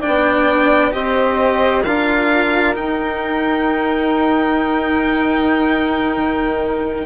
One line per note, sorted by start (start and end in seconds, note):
0.00 0.91 D4
0.00 0.91 D5
0.00 0.93 G5
0.07 0.94 B3
0.91 1.85 C4
0.91 1.82 G4
0.91 1.84 C5
0.91 1.84 D#5
1.84 2.77 D4
1.84 2.74 F4
1.84 7.06 A#4
1.84 2.75 F5
2.74 7.06 D#4
2.74 6.17 D#4
2.74 7.06 G5
6.17 7.06 D#3